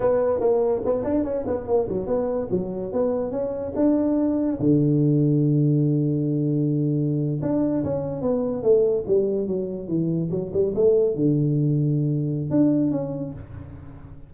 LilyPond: \new Staff \with { instrumentName = "tuba" } { \time 4/4 \tempo 4 = 144 b4 ais4 b8 d'8 cis'8 b8 | ais8 fis8 b4 fis4 b4 | cis'4 d'2 d4~ | d1~ |
d4.~ d16 d'4 cis'4 b16~ | b8. a4 g4 fis4 e16~ | e8. fis8 g8 a4 d4~ d16~ | d2 d'4 cis'4 | }